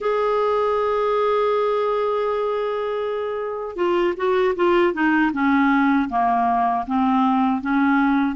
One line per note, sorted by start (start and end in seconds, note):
0.00 3.76 G#4
3.76 4.14 F4
4.16 4.54 F#4
4.55 4.93 F4
4.93 5.31 D#4
5.32 6.08 C#4
6.09 6.85 A#3
6.86 7.61 C4
7.61 8.35 C#4